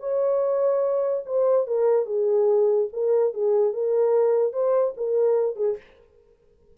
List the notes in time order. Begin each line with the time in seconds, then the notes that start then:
0.00 C#5
1.26 C5
1.67 A#4
2.06 G#4
2.93 A#4
3.34 G#4
3.73 A#4
4.53 C5
4.97 A#4
5.56 G#4